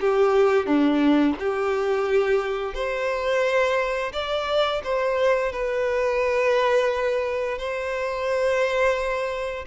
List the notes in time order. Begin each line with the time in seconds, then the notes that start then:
0.00 G4
0.66 D4
1.39 G4
2.74 C5
4.12 D5
4.83 C5
5.52 B4
7.58 C5